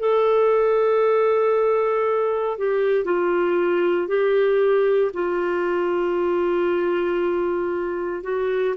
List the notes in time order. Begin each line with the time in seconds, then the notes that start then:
0.00 A4
2.58 G4
3.05 F4
4.08 G4
5.13 F4
8.23 F#4